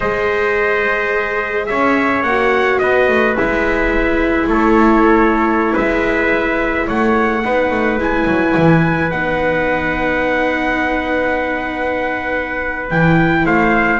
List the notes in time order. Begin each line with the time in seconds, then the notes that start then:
0.00 G#3 G#4 C5 D#5
1.66 C#4 C#5 E5
2.22 A#3 F#4 F#5
2.78 B3 B4 D#5
3.08 A3
3.35 G#3 E4 E5
4.47 A3 A4 C#5
5.73 G#3 B4 E5
6.86 A3 C#5 F#5
7.44 B3 D#4 B4
7.70 A3
7.97 G#3 E4 G#5
8.27 F#3
8.56 E3
9.10 B3 D#4 F#5
12.89 E3 E4 G5
13.45 A3 C5 F5